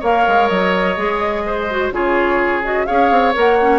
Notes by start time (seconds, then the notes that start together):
0.00 A#3 A#4 C#5 F5
0.28 G#3
0.49 F#3 D#5
0.97 G#3 G#4
1.46 C5
1.70 F#4
1.91 C#3 F4 G#4 C#5
2.63 F#4 D#5
2.86 C#4 G#4 C#5 F5
3.11 C4
3.34 A#3 A#4 F#5
3.62 C#4